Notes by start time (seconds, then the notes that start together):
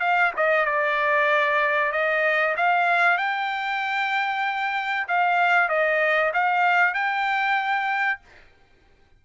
0.00 F5
0.36 D#5
0.65 D5
1.92 D#5
2.57 F5
3.18 G5
5.08 F5
5.69 D#5
6.33 F5
6.94 G5